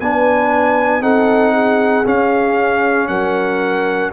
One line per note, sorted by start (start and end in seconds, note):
0.00 1.01 B3
0.00 1.01 D4
0.00 1.03 B4
0.00 1.02 G#5
1.01 2.04 C4
1.01 2.04 D#4
1.01 1.53 A4
1.01 2.06 F#5
1.53 3.08 G#4
2.06 3.08 C#4
2.06 4.13 C#4
2.06 3.07 F5
3.07 4.12 F#3
3.07 4.13 A#4
3.07 4.11 F#5